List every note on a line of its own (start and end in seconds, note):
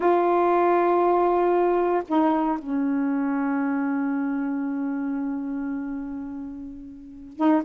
0.00 2.02 F4
2.08 2.58 D#4
2.58 7.36 C#4
7.36 7.62 D#4